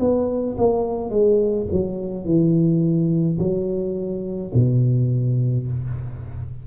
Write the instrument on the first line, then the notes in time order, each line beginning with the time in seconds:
tuba
0.00 B3
0.58 A#3
1.10 G#3
1.72 F#3
2.25 E3
3.39 F#3
4.55 B2